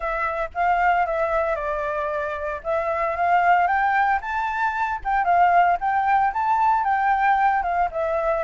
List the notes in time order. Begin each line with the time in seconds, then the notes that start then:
0.00 E5
0.54 F5
1.06 E5
1.55 D5
2.63 E5
3.16 F5
3.67 G5
4.21 A5
5.04 G5
5.24 F5
5.80 G5
6.33 A5
6.84 G5
7.62 F5
7.91 E5